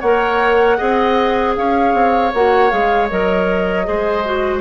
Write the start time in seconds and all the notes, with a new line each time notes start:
0.00 A#3 A#4 C#5 F#5
0.77 C4 G#4 D#5
1.56 C#4 C#5 F5
1.93 C4
2.34 A#3 F#4 F#5
2.70 G#3 G#4 F5
3.09 F#3 A#4 D#5
3.84 G#3 G#4 C5
4.25 F#4